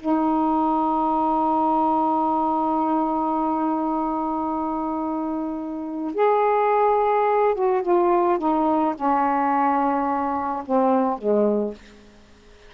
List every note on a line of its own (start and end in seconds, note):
0.00 6.15 D#4
6.15 7.55 G#4
7.55 7.82 F#4
7.82 8.39 F4
8.39 8.95 D#4
8.95 10.64 C#4
10.66 11.18 C4
11.18 11.74 G#3